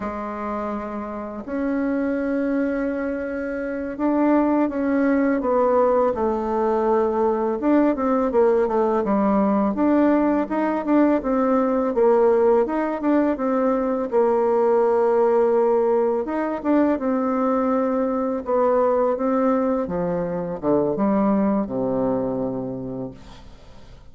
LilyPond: \new Staff \with { instrumentName = "bassoon" } { \time 4/4 \tempo 4 = 83 gis2 cis'2~ | cis'4. d'4 cis'4 b8~ | b8 a2 d'8 c'8 ais8 | a8 g4 d'4 dis'8 d'8 c'8~ |
c'8 ais4 dis'8 d'8 c'4 ais8~ | ais2~ ais8 dis'8 d'8 c'8~ | c'4. b4 c'4 f8~ | f8 d8 g4 c2 | }